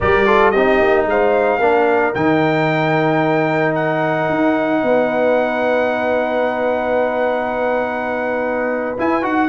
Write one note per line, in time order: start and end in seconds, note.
0.00 0.54 G3
0.00 0.26 G4
0.00 0.26 A#4
0.00 0.50 D5
0.26 0.52 F4
0.26 0.52 A4
0.50 0.81 C4
0.50 1.60 D#4
0.50 1.06 G4
0.50 1.04 D#5
0.81 1.05 A#3
1.05 1.59 G#3
1.05 1.58 C5
1.05 2.14 F5
1.58 2.13 A#3
1.58 2.14 D4
1.58 4.80 A#4
2.14 4.29 D#3
2.14 8.97 D#4
2.14 3.74 G5
3.74 8.97 F#5
4.29 4.82 D#4
4.82 8.98 B3
4.82 9.48 B4
8.97 9.22 E4
8.97 9.23 E4
8.97 9.24 G#5
9.22 9.48 D#4
9.22 9.48 F#4
9.22 9.48 F#5